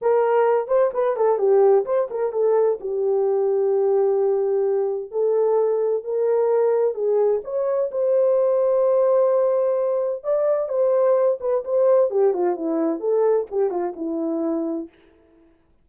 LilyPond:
\new Staff \with { instrumentName = "horn" } { \time 4/4 \tempo 4 = 129 ais'4. c''8 b'8 a'8 g'4 | c''8 ais'8 a'4 g'2~ | g'2. a'4~ | a'4 ais'2 gis'4 |
cis''4 c''2.~ | c''2 d''4 c''4~ | c''8 b'8 c''4 g'8 f'8 e'4 | a'4 g'8 f'8 e'2 | }